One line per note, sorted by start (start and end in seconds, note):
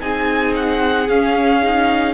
0.00 1.08 C4
0.00 1.08 D#4
0.00 2.14 G#4
0.00 0.54 G#5
0.56 1.09 F#5
1.08 2.14 C#4
1.08 1.62 C#4
1.08 2.14 F5
1.62 2.14 D#4